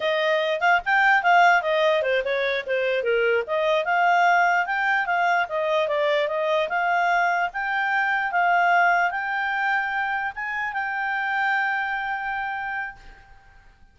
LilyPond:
\new Staff \with { instrumentName = "clarinet" } { \time 4/4 \tempo 4 = 148 dis''4. f''8 g''4 f''4 | dis''4 c''8 cis''4 c''4 ais'8~ | ais'8 dis''4 f''2 g''8~ | g''8 f''4 dis''4 d''4 dis''8~ |
dis''8 f''2 g''4.~ | g''8 f''2 g''4.~ | g''4. gis''4 g''4.~ | g''1 | }